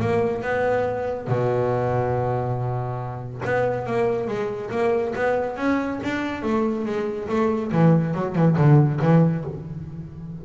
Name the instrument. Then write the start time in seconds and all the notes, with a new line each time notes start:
double bass
0.00 A#3
0.42 B3
1.28 B2
3.45 B3
3.86 A#3
4.28 G#3
4.71 A#3
5.15 B3
5.57 C#4
6.04 D4
6.43 A3
6.86 G#3
7.29 A3
7.72 E3
8.14 F#3
8.36 E3
8.58 D3
9.02 E3